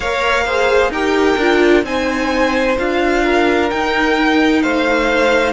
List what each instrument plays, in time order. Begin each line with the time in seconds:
0.00 cello A#3, viola A#4, violin C#5 F5
0.45 viola G#4, violin C5
0.89 cello D#4, viola G4, violin A#4 G5
1.37 cello D4, viola F4
1.83 cello C4, viola D#4, violin C5 G#5
2.77 cello D4, viola F4, violin F5
3.24 violin A#4
3.69 viola D#4, cello D#4, violin G5
4.62 cello A3, violin C5 F5